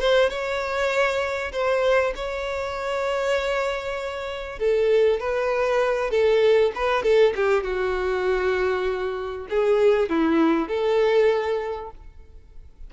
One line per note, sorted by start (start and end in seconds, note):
0.00 0.29 C5
0.29 1.52 C#5
1.52 2.13 C5
2.15 4.59 C#5
4.59 5.20 A4
5.20 6.10 B4
6.10 6.72 A4
6.75 7.03 B4
7.03 7.33 A4
7.36 7.63 G4
7.63 9.47 F#4
9.50 10.09 G#4
10.09 10.68 E4
10.68 11.91 A4